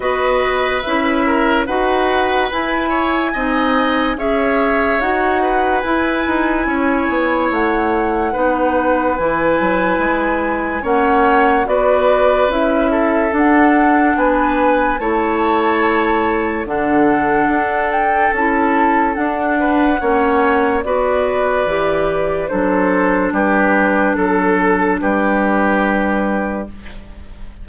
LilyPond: <<
  \new Staff \with { instrumentName = "flute" } { \time 4/4 \tempo 4 = 72 dis''4 e''4 fis''4 gis''4~ | gis''4 e''4 fis''4 gis''4~ | gis''4 fis''2 gis''4~ | gis''4 fis''4 d''4 e''4 |
fis''4 gis''4 a''2 | fis''4. g''8 a''4 fis''4~ | fis''4 d''2 c''4 | b'4 a'4 b'2 | }
  \new Staff \with { instrumentName = "oboe" } { \time 4/4 b'4. ais'8 b'4. cis''8 | dis''4 cis''4. b'4. | cis''2 b'2~ | b'4 cis''4 b'4. a'8~ |
a'4 b'4 cis''2 | a'2.~ a'8 b'8 | cis''4 b'2 a'4 | g'4 a'4 g'2 | }
  \new Staff \with { instrumentName = "clarinet" } { \time 4/4 fis'4 e'4 fis'4 e'4 | dis'4 gis'4 fis'4 e'4~ | e'2 dis'4 e'4~ | e'4 cis'4 fis'4 e'4 |
d'2 e'2 | d'2 e'4 d'4 | cis'4 fis'4 g'4 d'4~ | d'1 | }
  \new Staff \with { instrumentName = "bassoon" } { \time 4/4 b4 cis'4 dis'4 e'4 | c'4 cis'4 dis'4 e'8 dis'8 | cis'8 b8 a4 b4 e8 fis8 | gis4 ais4 b4 cis'4 |
d'4 b4 a2 | d4 d'4 cis'4 d'4 | ais4 b4 e4 fis4 | g4 fis4 g2 | }
>>